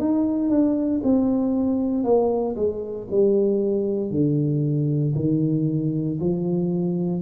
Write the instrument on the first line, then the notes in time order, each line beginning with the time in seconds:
tuba
0.00 D#4
0.50 D4
1.04 C4
2.04 A#3
2.56 G#3
3.11 G3
4.11 D3
5.16 D#3
6.21 F3